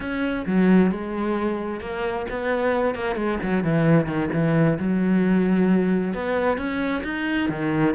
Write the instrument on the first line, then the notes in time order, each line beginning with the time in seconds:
cello
0.00 C#4
0.46 F#3
0.91 G#3
1.80 A#3
2.30 B3
2.94 A#3
3.15 G#3
3.42 F#3
3.63 E3
4.06 D#3
4.33 E3
4.79 F#3
6.13 B3
6.57 C#4
7.03 D#4
7.49 D#3